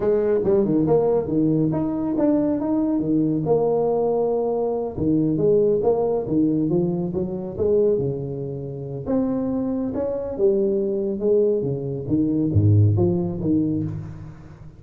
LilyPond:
\new Staff \with { instrumentName = "tuba" } { \time 4/4 \tempo 4 = 139 gis4 g8 dis8 ais4 dis4 | dis'4 d'4 dis'4 dis4 | ais2.~ ais8 dis8~ | dis8 gis4 ais4 dis4 f8~ |
f8 fis4 gis4 cis4.~ | cis4 c'2 cis'4 | g2 gis4 cis4 | dis4 gis,4 f4 dis4 | }